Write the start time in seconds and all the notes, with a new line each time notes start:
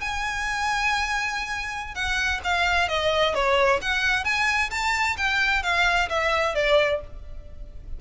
0.00 G#5
1.94 F#5
2.44 F5
2.88 D#5
3.34 C#5
3.81 F#5
4.24 G#5
4.70 A5
5.17 G5
5.63 F5
6.09 E5
6.55 D5